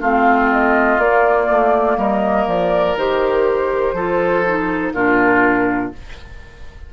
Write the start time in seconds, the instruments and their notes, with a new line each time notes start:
0.00 bassoon A3, clarinet C4, oboe F4, flute F5
0.52 flute D#5
0.98 bassoon A#3, clarinet A#3, flute D5
1.50 bassoon A3
1.97 bassoon G3, oboe A#4, flute D#5
2.47 bassoon F3, flute D5
2.96 bassoon D#3, clarinet G4, flute C5
3.93 bassoon F3, clarinet F4, oboe A4
4.46 clarinet D#4
4.93 bassoon A#2, clarinet D4, oboe F4, flute A#4